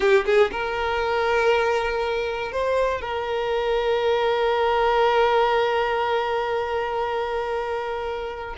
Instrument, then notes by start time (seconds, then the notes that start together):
violin
0.00 G4
0.25 G#4
0.51 A#4
2.52 C5
3.01 A#4